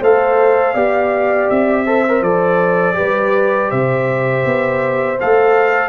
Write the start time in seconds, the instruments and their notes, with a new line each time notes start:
0.00 tuba A3, trombone A4, horn C5, trumpet F5
0.73 tuba B3, trombone G4, horn D5
1.49 tuba C4, trumpet E5
1.85 trombone A4, horn C5
2.08 trombone A#4
2.21 tuba F3, trombone A4, trumpet D5
2.94 trombone G4, horn B4
3.00 tuba G3
3.69 tuba C3, horn C5, trumpet E5
4.44 tuba B3
5.20 tuba A3, trombone A4, trumpet F5